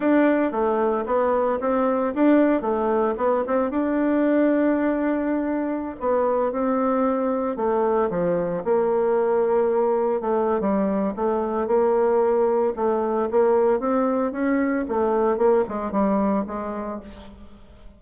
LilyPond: \new Staff \with { instrumentName = "bassoon" } { \time 4/4 \tempo 4 = 113 d'4 a4 b4 c'4 | d'4 a4 b8 c'8 d'4~ | d'2.~ d'16 b8.~ | b16 c'2 a4 f8.~ |
f16 ais2. a8. | g4 a4 ais2 | a4 ais4 c'4 cis'4 | a4 ais8 gis8 g4 gis4 | }